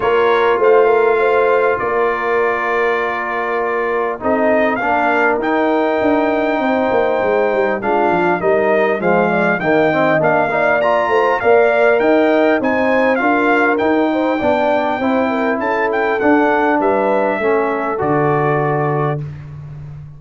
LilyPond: <<
  \new Staff \with { instrumentName = "trumpet" } { \time 4/4 \tempo 4 = 100 cis''4 f''2 d''4~ | d''2. dis''4 | f''4 g''2.~ | g''4 f''4 dis''4 f''4 |
g''4 f''4 ais''4 f''4 | g''4 gis''4 f''4 g''4~ | g''2 a''8 g''8 fis''4 | e''2 d''2 | }
  \new Staff \with { instrumentName = "horn" } { \time 4/4 ais'4 c''8 ais'8 c''4 ais'4~ | ais'2. a'4 | ais'2. c''4~ | c''4 f'4 ais'4 c''8 d''8 |
dis''4. d''4 c''8 d''4 | dis''4 c''4 ais'4. c''8 | d''4 c''8 ais'8 a'2 | b'4 a'2. | }
  \new Staff \with { instrumentName = "trombone" } { \time 4/4 f'1~ | f'2. dis'4 | d'4 dis'2.~ | dis'4 d'4 dis'4 gis4 |
ais8 c'8 d'8 dis'8 f'4 ais'4~ | ais'4 dis'4 f'4 dis'4 | d'4 e'2 d'4~ | d'4 cis'4 fis'2 | }
  \new Staff \with { instrumentName = "tuba" } { \time 4/4 ais4 a2 ais4~ | ais2. c'4 | ais4 dis'4 d'4 c'8 ais8 | gis8 g8 gis8 f8 g4 f4 |
dis4 ais4. a8 ais4 | dis'4 c'4 d'4 dis'4 | b4 c'4 cis'4 d'4 | g4 a4 d2 | }
>>